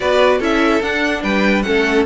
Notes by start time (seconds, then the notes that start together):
0.00 B3 F#4 B4 D5
0.38 C#4 E4 A4 E5
0.81 D4 F#5
1.23 G3 B4 G5
1.62 A3 C#4 A4 F#5